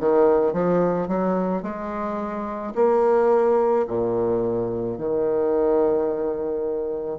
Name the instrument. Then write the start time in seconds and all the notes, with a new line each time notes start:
bassoon
0.00 D#3
0.53 F3
1.08 F#3
1.63 G#3
2.75 A#3
3.87 A#2
4.98 D#3